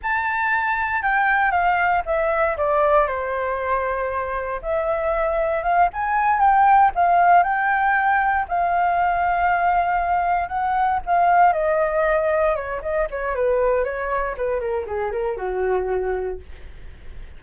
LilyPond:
\new Staff \with { instrumentName = "flute" } { \time 4/4 \tempo 4 = 117 a''2 g''4 f''4 | e''4 d''4 c''2~ | c''4 e''2 f''8 gis''8~ | gis''8 g''4 f''4 g''4.~ |
g''8 f''2.~ f''8~ | f''8 fis''4 f''4 dis''4.~ | dis''8 cis''8 dis''8 cis''8 b'4 cis''4 | b'8 ais'8 gis'8 ais'8 fis'2 | }